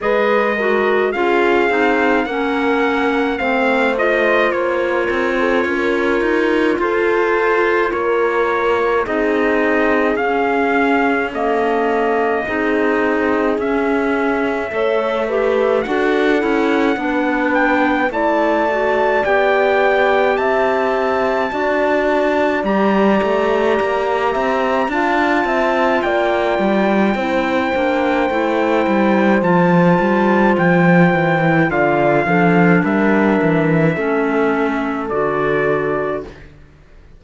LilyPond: <<
  \new Staff \with { instrumentName = "trumpet" } { \time 4/4 \tempo 4 = 53 dis''4 f''4 fis''4 f''8 dis''8 | cis''2 c''4 cis''4 | dis''4 f''4 dis''2 | e''2 fis''4. g''8 |
a''4 g''4 a''2 | ais''2 a''4 g''4~ | g''2 a''4 g''4 | f''4 e''2 d''4 | }
  \new Staff \with { instrumentName = "horn" } { \time 4/4 b'8 ais'8 gis'4 ais'4 c''4~ | c''8 ais'16 a'16 ais'4 a'4 ais'4 | gis'2 a'4 gis'4~ | gis'4 cis''8 b'8 a'4 b'4 |
d''2 e''4 d''4~ | d''4. e''8 f''8 e''8 d''4 | c''1 | d''8 a'8 ais'4 a'2 | }
  \new Staff \with { instrumentName = "clarinet" } { \time 4/4 gis'8 fis'8 f'8 dis'8 cis'4 c'8 f'8~ | f'1 | dis'4 cis'4 ais4 dis'4 | cis'4 a'8 g'8 fis'8 e'8 d'4 |
e'8 fis'8 g'2 fis'4 | g'2 f'2 | e'8 d'8 e'4 f'4.~ f'16 e'16 | f'8 d'4. cis'4 fis'4 | }
  \new Staff \with { instrumentName = "cello" } { \time 4/4 gis4 cis'8 c'8 ais4 a4 | ais8 c'8 cis'8 dis'8 f'4 ais4 | c'4 cis'2 c'4 | cis'4 a4 d'8 cis'8 b4 |
a4 b4 c'4 d'4 | g8 a8 ais8 c'8 d'8 c'8 ais8 g8 | c'8 ais8 a8 g8 f8 g8 f8 e8 | d8 f8 g8 e8 a4 d4 | }
>>